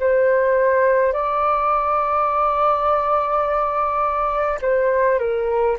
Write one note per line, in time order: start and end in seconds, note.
0.00 1.13 C5
1.13 4.59 D5
4.62 5.19 C5
5.19 5.77 A#4